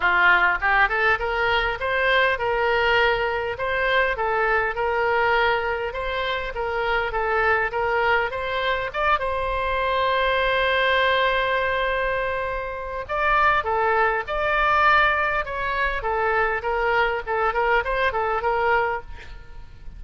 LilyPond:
\new Staff \with { instrumentName = "oboe" } { \time 4/4 \tempo 4 = 101 f'4 g'8 a'8 ais'4 c''4 | ais'2 c''4 a'4 | ais'2 c''4 ais'4 | a'4 ais'4 c''4 d''8 c''8~ |
c''1~ | c''2 d''4 a'4 | d''2 cis''4 a'4 | ais'4 a'8 ais'8 c''8 a'8 ais'4 | }